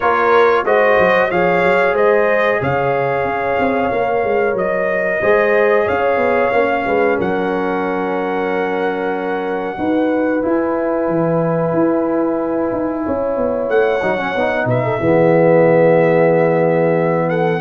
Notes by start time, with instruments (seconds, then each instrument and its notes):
0.00 tuba A#3, trombone F4, horn A#4, trumpet C#5
0.64 tuba G#3, trombone F#4, horn C5, trumpet D#5
0.99 tuba F#3
1.29 tuba F3, trombone G#4, horn C#5, trumpet F5
1.64 tuba F#3
1.93 tuba G#3, horn C5, trumpet D#5
2.60 tuba C#3, horn C#5, trumpet F5
3.24 tuba C#4
3.58 tuba C4
3.91 tuba A#3, trombone A#4
4.24 tuba G#3
4.54 tuba F#3, trumpet D#5
5.21 tuba G#3, trombone G#4, horn C5
5.84 tuba C#4, horn C#5, trumpet F5
6.16 tuba B3
6.52 tuba A#3, trombone C#4
6.86 tuba G#3, horn B4
7.17 tuba F#3, horn A#4, trumpet F#5
9.76 tuba D#4, trombone F#4, horn B4
10.41 trombone E4, tuba E4, trumpet G#5
11.08 tuba E3
11.73 tuba E4
12.72 tuba D#4
13.05 tuba C#4, horn C#5
13.36 tuba B3
13.69 tuba A3, trumpet F#5
14.02 tuba F#3, trombone D#4
14.17 trombone C#4
14.35 tuba B3, trombone D#4
14.65 tuba B2, horn B4, trumpet E5
14.83 horn A4
14.98 tuba E3, trombone B3, horn G#4
17.28 horn A4, trumpet F#5